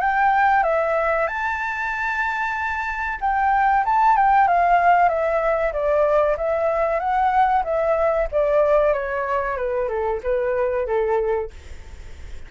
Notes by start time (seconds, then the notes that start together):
0.00 G5
0.63 E5
1.27 A5
3.20 G5
3.85 A5
4.16 G5
4.47 F5
5.08 E5
5.72 D5
6.37 E5
6.99 F#5
7.64 E5
8.31 D5
8.93 C#5
9.56 B4
9.88 A4
10.23 B4
10.86 A4